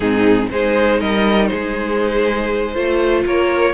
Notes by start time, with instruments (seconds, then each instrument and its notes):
0.00 cello G#2, viola C4, violin D#4 G#4
0.50 cello G#3, viola D#4, violin G#4 C5
0.99 cello G3, violin A#4 D#5
1.47 cello G#3, violin G#4 C5
2.73 cello A3, viola F4, violin C5
3.25 cello A#3, violin A#4 C#5